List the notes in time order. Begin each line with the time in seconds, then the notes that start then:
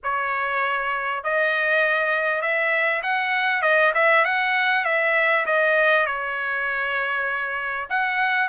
0.03 C#5
1.23 D#5
2.41 E5
3.02 F#5
3.62 D#5
3.94 E5
4.24 F#5
4.85 E5
5.45 D#5
6.06 C#5
7.89 F#5